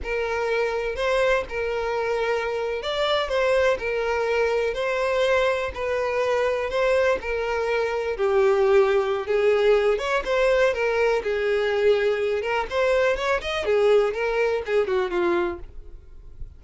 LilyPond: \new Staff \with { instrumentName = "violin" } { \time 4/4 \tempo 4 = 123 ais'2 c''4 ais'4~ | ais'4.~ ais'16 d''4 c''4 ais'16~ | ais'4.~ ais'16 c''2 b'16~ | b'4.~ b'16 c''4 ais'4~ ais'16~ |
ais'8. g'2~ g'16 gis'4~ | gis'8 cis''8 c''4 ais'4 gis'4~ | gis'4. ais'8 c''4 cis''8 dis''8 | gis'4 ais'4 gis'8 fis'8 f'4 | }